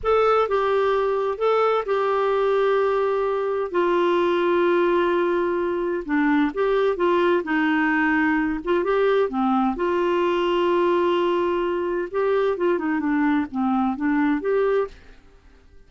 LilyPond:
\new Staff \with { instrumentName = "clarinet" } { \time 4/4 \tempo 4 = 129 a'4 g'2 a'4 | g'1 | f'1~ | f'4 d'4 g'4 f'4 |
dis'2~ dis'8 f'8 g'4 | c'4 f'2.~ | f'2 g'4 f'8 dis'8 | d'4 c'4 d'4 g'4 | }